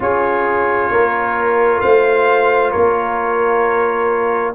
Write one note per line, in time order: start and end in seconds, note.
0.00 0.90 C#4
0.00 4.54 F4
0.00 0.91 G#4
0.00 1.80 C#5
0.90 1.81 A#3
0.90 1.82 A#4
1.80 2.74 A3
1.80 2.71 C5
1.80 2.71 F5
2.71 4.54 A#3
2.71 4.53 A#4
2.71 4.53 C#5